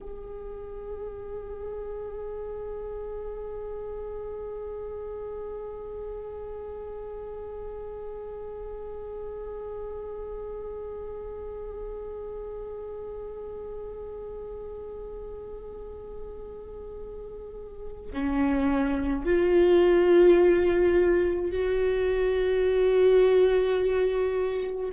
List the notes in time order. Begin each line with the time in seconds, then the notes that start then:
0.01 G#4
18.12 C#4
19.25 F4
21.50 F#4